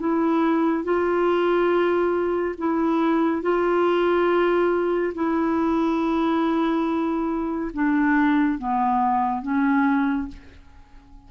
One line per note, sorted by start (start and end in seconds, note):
0.00 0.84 E4
0.84 2.56 F4
2.58 3.42 E4
3.42 5.14 F4
5.14 7.71 E4
7.74 8.59 D4
8.59 9.42 B3
9.42 10.28 C#4